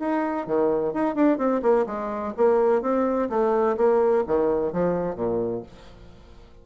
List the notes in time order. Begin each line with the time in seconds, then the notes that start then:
0.00 D#4
0.47 D#3
0.94 D#4
1.16 D4
1.38 C4
1.63 A#3
1.87 G#3
2.37 A#3
2.82 C4
3.30 A3
3.77 A#3
4.27 D#3
4.73 F3
5.16 A#2